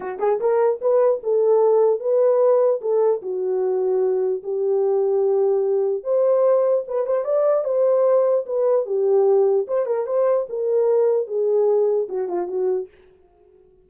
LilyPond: \new Staff \with { instrumentName = "horn" } { \time 4/4 \tempo 4 = 149 fis'8 gis'8 ais'4 b'4 a'4~ | a'4 b'2 a'4 | fis'2. g'4~ | g'2. c''4~ |
c''4 b'8 c''8 d''4 c''4~ | c''4 b'4 g'2 | c''8 ais'8 c''4 ais'2 | gis'2 fis'8 f'8 fis'4 | }